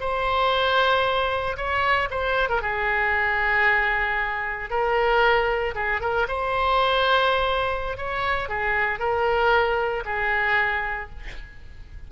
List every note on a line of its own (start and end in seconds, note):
0.00 1.57 C5
1.57 2.09 C#5
2.11 2.49 C5
2.49 2.62 A#4
2.62 4.70 G#4
4.70 5.75 A#4
5.75 6.01 G#4
6.01 6.27 A#4
6.28 7.97 C5
7.97 8.49 C#5
8.49 9.00 G#4
9.00 10.04 A#4
10.05 11.10 G#4